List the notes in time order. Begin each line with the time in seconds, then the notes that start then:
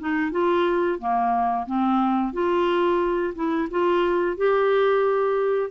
0.00 D#4
0.32 F4
0.99 A#3
1.67 C4
2.33 F4
3.35 E4
3.71 F4
4.37 G4